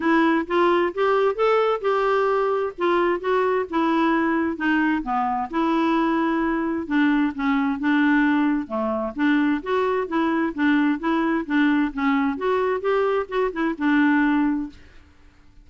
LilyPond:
\new Staff \with { instrumentName = "clarinet" } { \time 4/4 \tempo 4 = 131 e'4 f'4 g'4 a'4 | g'2 f'4 fis'4 | e'2 dis'4 b4 | e'2. d'4 |
cis'4 d'2 a4 | d'4 fis'4 e'4 d'4 | e'4 d'4 cis'4 fis'4 | g'4 fis'8 e'8 d'2 | }